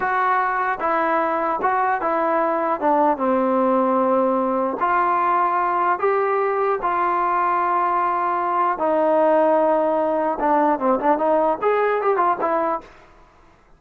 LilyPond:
\new Staff \with { instrumentName = "trombone" } { \time 4/4 \tempo 4 = 150 fis'2 e'2 | fis'4 e'2 d'4 | c'1 | f'2. g'4~ |
g'4 f'2.~ | f'2 dis'2~ | dis'2 d'4 c'8 d'8 | dis'4 gis'4 g'8 f'8 e'4 | }